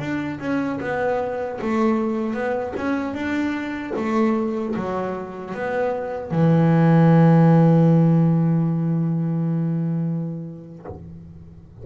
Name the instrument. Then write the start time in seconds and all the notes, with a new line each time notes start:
double bass
0.00 D4
0.41 C#4
0.81 B3
1.62 A3
2.34 B3
2.77 C#4
3.14 D4
3.97 A3
4.76 F#3
5.55 B3
6.32 E3